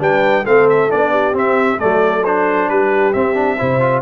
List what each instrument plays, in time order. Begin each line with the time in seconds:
0.00 tuba G3, trombone D4, horn B4, trumpet G5
0.45 tuba A3, trombone C4, horn A4, trumpet F5
0.70 trumpet E5
0.90 tuba B3, trombone D4, trumpet D5
1.11 horn G4
1.34 trombone C4, tuba C4, trumpet E5
1.79 tuba F#3, trombone A3, horn A4, trumpet D5
2.25 trombone D4, trumpet C5
2.70 tuba G3, horn G4, trumpet B4
3.13 tuba C4, trombone C4, trumpet E5
3.35 trombone D4
3.58 tuba C3, trombone E4, horn C5
3.81 trombone F4